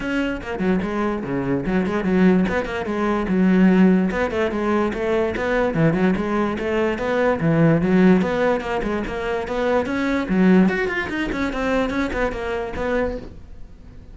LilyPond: \new Staff \with { instrumentName = "cello" } { \time 4/4 \tempo 4 = 146 cis'4 ais8 fis8 gis4 cis4 | fis8 gis8 fis4 b8 ais8 gis4 | fis2 b8 a8 gis4 | a4 b4 e8 fis8 gis4 |
a4 b4 e4 fis4 | b4 ais8 gis8 ais4 b4 | cis'4 fis4 fis'8 f'8 dis'8 cis'8 | c'4 cis'8 b8 ais4 b4 | }